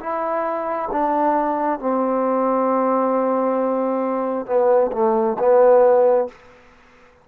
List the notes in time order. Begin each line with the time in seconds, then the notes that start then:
0.00 E4
0.92 D4
1.80 C4
4.46 B3
4.93 A3
5.39 B3